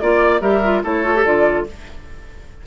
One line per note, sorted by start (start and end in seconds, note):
0.00 0.42 A#3
0.00 0.41 F4
0.00 0.41 D5
0.00 0.42 D5
0.41 0.83 G3
0.41 0.61 G4
0.41 0.83 A#4
0.41 0.83 E5
0.64 0.84 F4
0.84 1.25 A3
0.84 1.05 E4
0.84 1.66 A4
0.84 1.26 C#5
1.05 1.15 F4
1.16 1.26 G4
1.26 1.67 D3
1.26 1.67 F4
1.26 1.67 D5